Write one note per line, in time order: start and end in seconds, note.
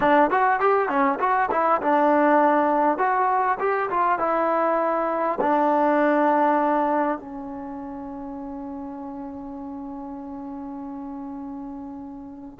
0.00 0.30 D4
0.30 0.60 F#4
0.60 0.88 G4
0.88 1.18 C#4
1.19 1.49 F#4
1.51 1.81 E4
1.81 2.98 D4
2.98 3.58 F#4
3.59 3.89 G4
3.90 4.18 F4
4.18 5.38 E4
5.41 7.18 D4
7.18 12.58 C#4